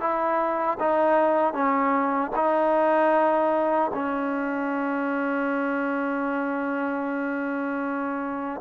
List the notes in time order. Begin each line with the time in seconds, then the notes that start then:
0.00 E4
0.80 D#4
1.53 C#4
2.36 D#4
3.94 C#4